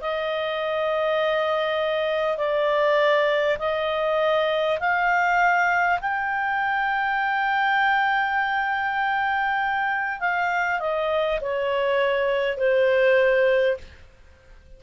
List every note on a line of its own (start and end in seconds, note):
0.00 2.37 D#5
2.37 3.57 D5
3.58 4.78 D#5
4.79 5.99 F5
6.01 10.19 G5
10.19 10.79 F5
10.79 11.39 D#5
11.41 12.57 C#5
12.57 13.77 C5